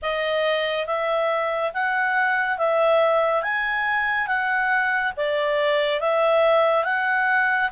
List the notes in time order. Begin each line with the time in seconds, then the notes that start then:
0.02 D#5
0.86 E5
1.73 F#5
2.58 E5
3.42 G#5
4.27 F#5
5.16 D5
6.00 E5
6.84 F#5